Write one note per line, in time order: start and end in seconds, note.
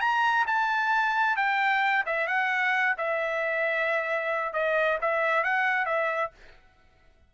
0.00 0.45 A#5
0.46 1.36 A5
1.36 2.04 G5
2.05 2.27 E5
2.27 2.95 F#5
2.97 4.53 E5
4.53 4.98 D#5
5.01 5.43 E5
5.43 5.85 F#5
5.85 6.30 E5